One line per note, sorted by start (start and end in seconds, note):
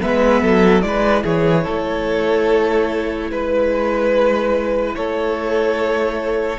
0.00 0.43 G#3
0.00 0.82 B3
0.00 0.43 B4
0.00 0.82 E5
0.43 0.83 F#3
0.43 0.84 A4
0.82 1.24 G#3
0.82 6.57 E4
0.82 1.23 B4
0.82 1.23 D5
1.23 1.66 E3
1.23 1.64 G#4
1.23 3.31 C#5
1.64 3.31 A3
1.64 3.29 A4
3.31 4.95 G#3
3.31 4.95 B4
3.31 4.97 B4
4.95 6.59 A3
4.95 6.59 A4
4.95 6.59 C#5